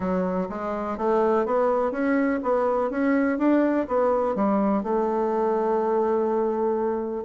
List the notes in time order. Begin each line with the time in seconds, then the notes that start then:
0.00 F#3
0.49 G#3
0.97 A3
1.45 B3
1.91 C#4
2.42 B3
2.90 C#4
3.38 D4
3.87 B3
4.35 G3
4.83 A3